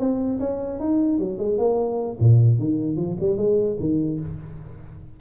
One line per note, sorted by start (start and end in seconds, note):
0.00 0.40 C4
0.40 0.80 C#4
0.80 1.19 D#4
1.19 1.39 F#3
1.39 1.59 G#3
1.59 2.19 A#3
2.20 2.59 A#2
2.59 2.97 D#3
2.97 3.17 F3
3.20 3.38 G3
3.38 3.78 G#3
3.80 4.20 D#3